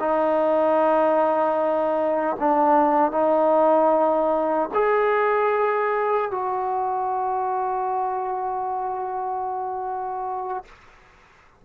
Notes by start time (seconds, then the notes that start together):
0.00 D#4
2.39 D4
3.12 D#4
4.74 G#4
6.31 F#4